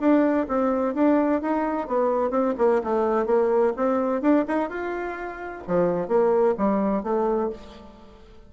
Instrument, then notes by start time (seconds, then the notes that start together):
bassoon
0.00 D4
0.48 C4
0.95 D4
1.41 D#4
1.88 B3
2.30 C4
2.58 A#3
2.84 A3
3.26 A#3
3.76 C4
4.21 D4
4.48 D#4
4.69 F4
5.67 F3
6.08 A#3
6.58 G3
7.03 A3